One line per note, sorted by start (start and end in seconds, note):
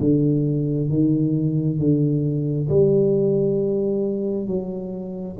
0.00 0.89 D3
0.89 1.79 D#3
1.79 2.69 D3
2.69 4.47 G3
4.47 5.37 F#3